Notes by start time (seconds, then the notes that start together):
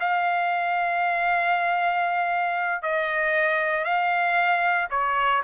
0.00 F5
2.82 D#5
3.84 F5
4.90 C#5